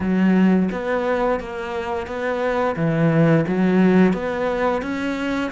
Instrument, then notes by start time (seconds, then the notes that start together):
cello
0.00 F#3
0.71 B3
1.39 A#3
2.06 B3
2.76 E3
3.47 F#3
4.13 B3
4.82 C#4